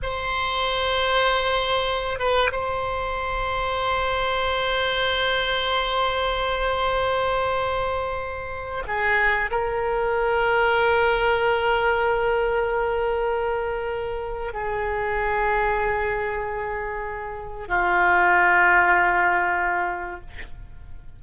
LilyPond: \new Staff \with { instrumentName = "oboe" } { \time 4/4 \tempo 4 = 95 c''2.~ c''8 b'8 | c''1~ | c''1~ | c''2 gis'4 ais'4~ |
ais'1~ | ais'2. gis'4~ | gis'1 | f'1 | }